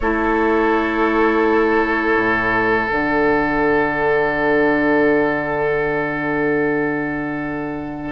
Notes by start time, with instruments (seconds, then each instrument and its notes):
0.00 bassoon A3, clarinet E4, oboe A4, flute C#5
2.16 bassoon A2
2.87 bassoon D3, clarinet D4, flute F#5